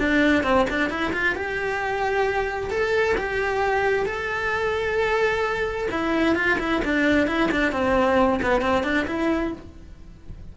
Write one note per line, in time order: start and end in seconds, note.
0.00 0.44 D4
0.44 0.67 C4
0.70 0.90 D4
0.90 1.13 E4
1.13 1.36 F4
1.36 2.70 G4
2.70 3.16 A4
3.18 4.06 G4
4.06 5.88 A4
5.92 6.36 E4
6.36 6.58 F4
6.59 6.82 E4
6.85 7.27 D4
7.27 7.50 E4
7.52 7.72 D4
7.72 8.40 C4
8.43 8.62 B3
8.62 8.84 C4
8.84 9.07 D4
9.08 9.53 E4